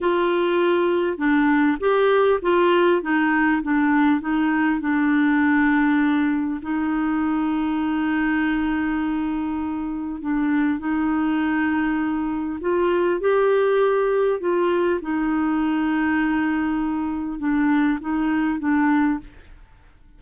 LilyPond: \new Staff \with { instrumentName = "clarinet" } { \time 4/4 \tempo 4 = 100 f'2 d'4 g'4 | f'4 dis'4 d'4 dis'4 | d'2. dis'4~ | dis'1~ |
dis'4 d'4 dis'2~ | dis'4 f'4 g'2 | f'4 dis'2.~ | dis'4 d'4 dis'4 d'4 | }